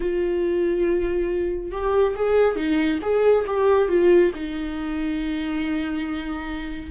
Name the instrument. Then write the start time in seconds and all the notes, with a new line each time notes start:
viola
0.00 F4
1.71 G4
2.15 G#4
2.56 D#4
3.01 G#4
3.46 G4
3.88 F4
4.34 D#4